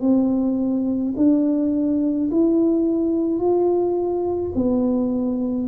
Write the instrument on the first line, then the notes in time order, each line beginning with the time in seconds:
tuba
0.00 C4
1.16 D4
2.31 E4
3.39 F4
4.55 B3